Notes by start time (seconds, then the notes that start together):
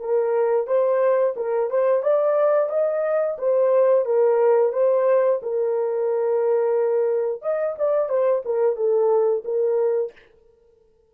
0.00 A#4
0.67 C5
1.36 A#4
1.70 C5
2.03 D5
2.70 D#5
3.38 C5
4.06 A#4
4.73 C5
5.42 A#4
7.42 D#5
7.78 D5
8.09 C5
8.45 A#4
8.76 A4
9.45 A#4